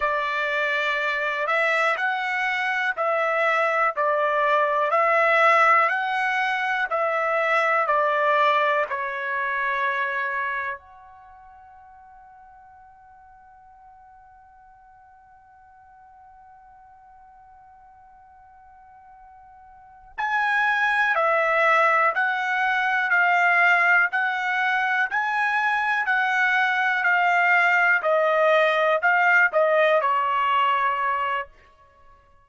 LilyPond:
\new Staff \with { instrumentName = "trumpet" } { \time 4/4 \tempo 4 = 61 d''4. e''8 fis''4 e''4 | d''4 e''4 fis''4 e''4 | d''4 cis''2 fis''4~ | fis''1~ |
fis''1~ | fis''8 gis''4 e''4 fis''4 f''8~ | f''8 fis''4 gis''4 fis''4 f''8~ | f''8 dis''4 f''8 dis''8 cis''4. | }